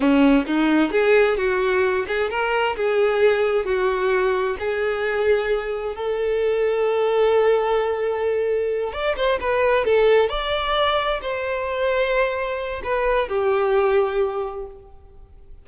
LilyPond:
\new Staff \with { instrumentName = "violin" } { \time 4/4 \tempo 4 = 131 cis'4 dis'4 gis'4 fis'4~ | fis'8 gis'8 ais'4 gis'2 | fis'2 gis'2~ | gis'4 a'2.~ |
a'2.~ a'8 d''8 | c''8 b'4 a'4 d''4.~ | d''8 c''2.~ c''8 | b'4 g'2. | }